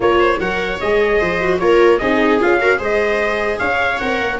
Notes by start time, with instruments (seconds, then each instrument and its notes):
0.00 tuba A#3, viola F4 A#4, trumpet C#5
0.19 viola C5
0.39 tuba F#3, viola A#4 C#5, trumpet F#5
0.80 tuba G#3, viola G#4, trumpet D#5
1.19 tuba F3, viola C5
1.41 viola F#4
1.59 tuba A#3, viola F4 A#4, trumpet C#5
1.98 tuba C4, viola D#4 G#4, trumpet D#5
2.40 tuba C#4, viola F4, trumpet F5
2.59 viola F#4 A#4
2.77 tuba G#3, viola G#4 C5
2.83 trumpet D#5
3.59 tuba C#4, viola C#5, trumpet F5
3.98 tuba C4, viola A#4, trumpet F#5
4.20 tuba A#3